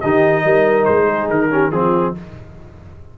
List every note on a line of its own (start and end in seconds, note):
0.00 0.45 D#3
0.00 1.50 D#4
0.00 0.45 G4
0.00 0.85 D#5
0.45 0.88 G3
0.45 1.06 A#4
0.85 1.30 G#3
0.85 1.28 C5
1.06 1.49 G#4
1.30 1.72 D#3
1.30 1.71 A#4
1.50 1.72 C#4
1.50 1.73 G4
1.71 2.15 F3
1.71 2.15 C4
1.71 2.18 F4
1.71 2.14 G#4